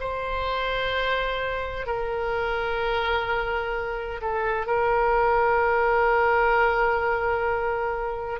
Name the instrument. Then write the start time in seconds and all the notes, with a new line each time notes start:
oboe
0.00 C5
1.86 A#4
4.21 A4
4.66 A#4